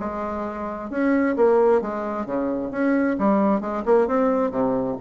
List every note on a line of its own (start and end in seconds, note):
0.00 0.90 G#3
0.90 1.36 C#4
1.37 1.82 A#3
1.82 2.26 G#3
2.26 2.71 C#3
2.71 3.17 C#4
3.19 3.61 G3
3.61 3.83 G#3
3.86 4.07 A#3
4.07 4.51 C4
4.51 4.96 C3